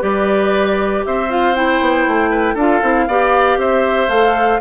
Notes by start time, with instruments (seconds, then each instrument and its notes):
0.00 bassoon G3, clarinet G4, oboe B4, flute D5
1.05 bassoon C4, oboe C5, flute E5
1.29 clarinet F4, flute F5
1.55 clarinet E4, flute G5
1.81 bassoon B3
2.07 bassoon A3
2.30 oboe B4
2.54 bassoon D4, clarinet F4, oboe A4, flute F5
2.83 bassoon C4, clarinet E4
3.08 bassoon B3, clarinet G4, oboe D5
3.57 bassoon C4, oboe C5, flute E5
4.08 bassoon A3, clarinet A4, flute F5